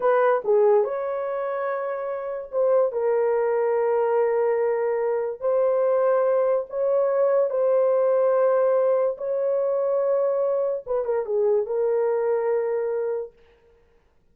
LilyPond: \new Staff \with { instrumentName = "horn" } { \time 4/4 \tempo 4 = 144 b'4 gis'4 cis''2~ | cis''2 c''4 ais'4~ | ais'1~ | ais'4 c''2. |
cis''2 c''2~ | c''2 cis''2~ | cis''2 b'8 ais'8 gis'4 | ais'1 | }